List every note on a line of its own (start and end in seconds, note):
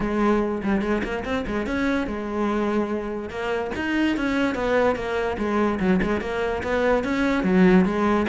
0.00 0.62 G#3
0.63 0.81 G3
0.81 1.02 G#3
1.03 1.24 A#3
1.24 1.45 C4
1.47 1.66 G#3
1.66 2.07 C#4
2.07 3.29 G#3
3.29 3.70 A#3
3.75 4.17 D#4
4.17 4.54 C#4
4.54 4.95 B3
4.95 5.36 A#3
5.38 5.79 G#3
5.79 6.00 F#3
6.02 6.21 G#3
6.21 6.62 A#3
6.63 7.03 B3
7.03 7.43 C#4
7.43 7.85 F#3
7.85 8.26 G#3